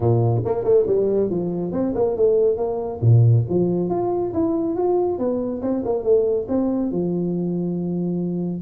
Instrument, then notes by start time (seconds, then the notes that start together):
tuba
0.00 A#2
0.45 A#3
0.64 A3
0.86 G3
1.30 F3
1.71 C4
1.94 A#3
2.16 A3
2.56 A#3
3.01 A#2
3.49 F3
3.89 F4
4.33 E4
4.76 F4
5.18 B3
5.62 C4
5.85 A#3
6.03 A3
6.48 C4
6.91 F3